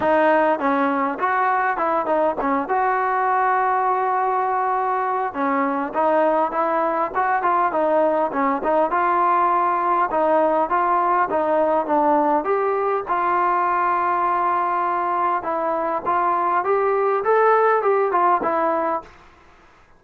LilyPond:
\new Staff \with { instrumentName = "trombone" } { \time 4/4 \tempo 4 = 101 dis'4 cis'4 fis'4 e'8 dis'8 | cis'8 fis'2.~ fis'8~ | fis'4 cis'4 dis'4 e'4 | fis'8 f'8 dis'4 cis'8 dis'8 f'4~ |
f'4 dis'4 f'4 dis'4 | d'4 g'4 f'2~ | f'2 e'4 f'4 | g'4 a'4 g'8 f'8 e'4 | }